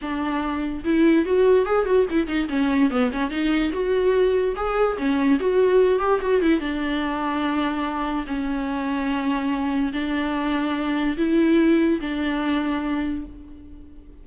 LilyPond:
\new Staff \with { instrumentName = "viola" } { \time 4/4 \tempo 4 = 145 d'2 e'4 fis'4 | gis'8 fis'8 e'8 dis'8 cis'4 b8 cis'8 | dis'4 fis'2 gis'4 | cis'4 fis'4. g'8 fis'8 e'8 |
d'1 | cis'1 | d'2. e'4~ | e'4 d'2. | }